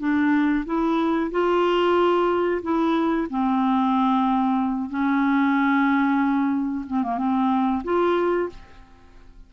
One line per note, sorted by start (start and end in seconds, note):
0.00 0.65 D4
0.66 1.31 E4
1.32 2.62 F4
2.63 3.28 E4
3.30 4.90 C4
4.90 6.85 C#4
6.87 7.03 C4
7.03 7.18 A#3
7.18 7.83 C4
7.84 8.50 F4